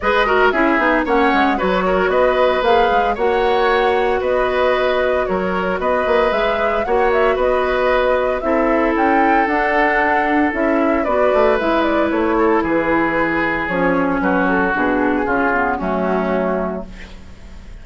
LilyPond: <<
  \new Staff \with { instrumentName = "flute" } { \time 4/4 \tempo 4 = 114 dis''4 e''4 fis''4 cis''4 | dis''4 f''4 fis''2 | dis''2 cis''4 dis''4 | e''4 fis''8 e''8 dis''2 |
e''4 g''4 fis''2 | e''4 d''4 e''8 d''8 cis''4 | b'2 cis''4 b'8 a'8 | gis'2 fis'2 | }
  \new Staff \with { instrumentName = "oboe" } { \time 4/4 b'8 ais'8 gis'4 cis''4 b'8 ais'8 | b'2 cis''2 | b'2 ais'4 b'4~ | b'4 cis''4 b'2 |
a'1~ | a'4 b'2~ b'8 a'8 | gis'2. fis'4~ | fis'4 f'4 cis'2 | }
  \new Staff \with { instrumentName = "clarinet" } { \time 4/4 gis'8 fis'8 e'8 dis'8 cis'4 fis'4~ | fis'4 gis'4 fis'2~ | fis'1 | gis'4 fis'2. |
e'2 d'2 | e'4 fis'4 e'2~ | e'2 cis'2 | d'4 cis'8 b8 a2 | }
  \new Staff \with { instrumentName = "bassoon" } { \time 4/4 gis4 cis'8 b8 ais8 gis8 fis4 | b4 ais8 gis8 ais2 | b2 fis4 b8 ais8 | gis4 ais4 b2 |
c'4 cis'4 d'2 | cis'4 b8 a8 gis4 a4 | e2 f4 fis4 | b,4 cis4 fis2 | }
>>